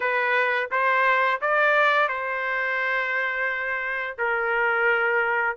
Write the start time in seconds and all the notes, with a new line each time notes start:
0.00 B4
0.71 C5
1.41 D5
2.08 C5
4.18 A#4